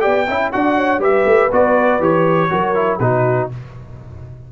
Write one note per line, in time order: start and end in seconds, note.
0.00 0.28 B3
0.00 0.25 G4
0.00 0.26 D5
0.00 0.50 G5
0.27 0.53 C#4
0.27 0.52 E4
0.27 0.52 E5
0.52 0.98 D4
0.52 1.00 F#4
0.52 0.75 D5
0.52 1.01 F#5
0.75 1.00 C#5
0.98 1.23 G3
0.98 1.50 G4
0.98 2.49 B4
0.98 1.52 E5
1.25 1.50 A3
1.51 1.99 B3
1.51 2.00 F#4
1.51 2.02 D5
1.99 2.49 E3
1.99 2.50 G4
1.99 2.99 C#5
2.50 2.99 F#3
2.50 2.74 F#4
2.50 3.00 A#4
2.74 2.99 E4
2.99 3.48 B2
2.99 3.51 D#4
2.99 3.51 F#4
2.99 3.48 B4